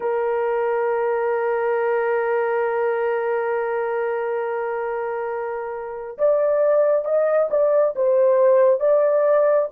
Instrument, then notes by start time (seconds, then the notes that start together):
horn
0.00 A#4
6.18 D5
7.04 D#5
7.50 D5
7.95 C5
8.80 D5